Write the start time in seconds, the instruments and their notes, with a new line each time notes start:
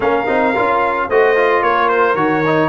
0.00 tuba A#3, trombone C#4, horn A#4, trumpet F5
0.26 tuba C4, trombone D#4
0.55 tuba C#4, trombone F4
1.08 tuba A3, trombone F#4, horn C5, trumpet D#5
1.35 trombone F4
1.62 tuba A#3, horn A#4, trumpet C#5
1.88 trumpet C5
2.14 tuba D#3, trombone F#4, trumpet C#5
2.46 trombone D#4